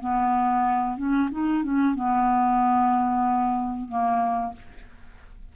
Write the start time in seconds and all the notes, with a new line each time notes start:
0.00 B3
0.97 C#4
1.31 D#4
1.63 C#4
1.95 B3
3.88 A#3